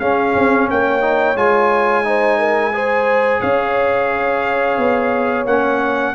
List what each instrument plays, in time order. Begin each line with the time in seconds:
0.00 tuba C#4, trombone C#4, horn G#4, trumpet F5
0.35 tuba C4
0.69 tuba A#3, horn C#5, trumpet G5
1.02 trombone D#4
1.35 tuba G#3, trombone F4, trumpet G#5
2.04 trombone D#4, horn C5
2.39 horn A#4
2.73 trombone G#4, horn C5
3.41 tuba C#4, horn C#5, trumpet F5
4.78 tuba B3
5.46 tuba A#3, trombone C#4, trumpet F#5